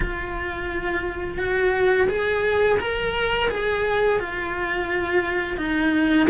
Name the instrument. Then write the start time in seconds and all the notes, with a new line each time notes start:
cello
0.00 F4
1.38 F#4
2.08 G#4
2.79 A#4
3.50 G#4
4.19 F4
5.57 D#4